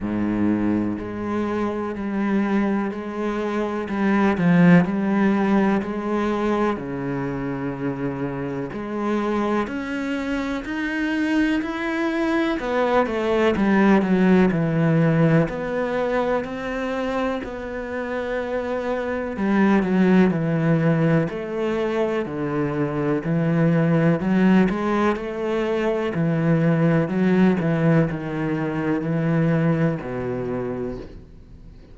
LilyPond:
\new Staff \with { instrumentName = "cello" } { \time 4/4 \tempo 4 = 62 gis,4 gis4 g4 gis4 | g8 f8 g4 gis4 cis4~ | cis4 gis4 cis'4 dis'4 | e'4 b8 a8 g8 fis8 e4 |
b4 c'4 b2 | g8 fis8 e4 a4 d4 | e4 fis8 gis8 a4 e4 | fis8 e8 dis4 e4 b,4 | }